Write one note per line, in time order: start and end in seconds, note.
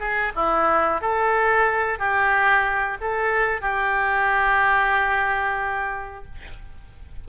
0.00 0.33 G#4
0.36 1.02 E4
1.02 1.99 A4
1.99 2.98 G4
3.01 3.62 A4
3.62 6.25 G4